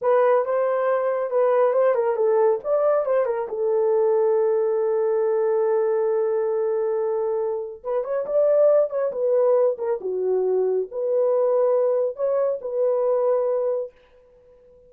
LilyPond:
\new Staff \with { instrumentName = "horn" } { \time 4/4 \tempo 4 = 138 b'4 c''2 b'4 | c''8 ais'8 a'4 d''4 c''8 ais'8 | a'1~ | a'1~ |
a'2 b'8 cis''8 d''4~ | d''8 cis''8 b'4. ais'8 fis'4~ | fis'4 b'2. | cis''4 b'2. | }